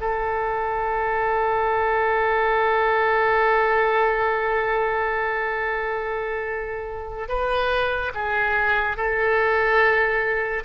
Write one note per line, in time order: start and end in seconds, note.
0.00 7.28 A4
7.28 8.11 B4
8.14 8.96 G#4
8.96 10.63 A4